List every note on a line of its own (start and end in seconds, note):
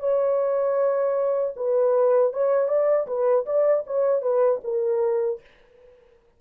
0.00 1.54 C#5
1.56 2.33 B4
2.33 2.68 C#5
2.68 3.06 D5
3.07 3.45 B4
3.45 3.84 D5
3.86 4.22 C#5
4.22 4.60 B4
4.64 5.41 A#4